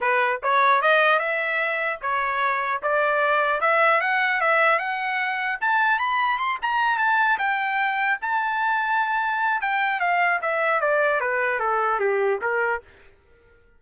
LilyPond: \new Staff \with { instrumentName = "trumpet" } { \time 4/4 \tempo 4 = 150 b'4 cis''4 dis''4 e''4~ | e''4 cis''2 d''4~ | d''4 e''4 fis''4 e''4 | fis''2 a''4 b''4 |
c'''8 ais''4 a''4 g''4.~ | g''8 a''2.~ a''8 | g''4 f''4 e''4 d''4 | b'4 a'4 g'4 ais'4 | }